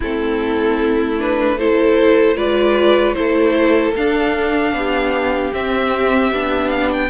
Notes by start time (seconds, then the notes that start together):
0.00 A3 C4 E4 A4
1.18 D4 B4
1.58 E4 A4 C5
2.36 G#3 F4 B4 D5
3.13 A3 E4 A4 C5
3.96 D4 F5
4.73 B3 G4
5.53 C4 E5
6.31 B3 D4
6.69 F5
6.92 G5